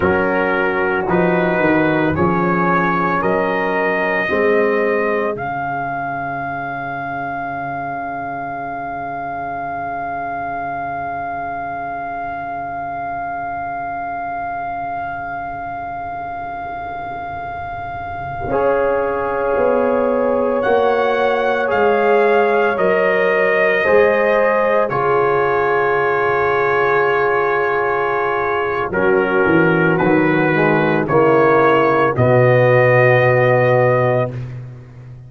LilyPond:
<<
  \new Staff \with { instrumentName = "trumpet" } { \time 4/4 \tempo 4 = 56 ais'4 b'4 cis''4 dis''4~ | dis''4 f''2.~ | f''1~ | f''1~ |
f''2.~ f''16 fis''8.~ | fis''16 f''4 dis''2 cis''8.~ | cis''2. ais'4 | b'4 cis''4 dis''2 | }
  \new Staff \with { instrumentName = "horn" } { \time 4/4 fis'2 gis'4 ais'4 | gis'1~ | gis'1~ | gis'1~ |
gis'4~ gis'16 cis''2~ cis''8.~ | cis''2~ cis''16 c''4 gis'8.~ | gis'2. fis'4~ | fis'4 e'4 fis'2 | }
  \new Staff \with { instrumentName = "trombone" } { \time 4/4 cis'4 dis'4 cis'2 | c'4 cis'2.~ | cis'1~ | cis'1~ |
cis'4~ cis'16 gis'2 fis'8.~ | fis'16 gis'4 ais'4 gis'4 f'8.~ | f'2. cis'4 | fis8 gis8 ais4 b2 | }
  \new Staff \with { instrumentName = "tuba" } { \time 4/4 fis4 f8 dis8 f4 fis4 | gis4 cis2.~ | cis1~ | cis1~ |
cis4~ cis16 cis'4 b4 ais8.~ | ais16 gis4 fis4 gis4 cis8.~ | cis2. fis8 e8 | dis4 cis4 b,2 | }
>>